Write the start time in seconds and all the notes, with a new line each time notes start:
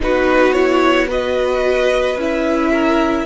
0.00 B3 D#4 F#4 B4
0.52 E4 C#5
1.07 F#4 B4 D#5
2.17 C#4 E4 E5
2.72 A#4